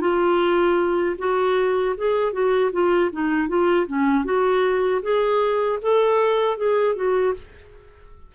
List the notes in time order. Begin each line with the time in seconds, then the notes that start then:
0.00 F4
1.18 F#4
1.97 G#4
2.32 F#4
2.72 F4
3.12 D#4
3.48 F4
3.87 C#4
4.24 F#4
5.02 G#4
5.81 A4
6.57 G#4
6.95 F#4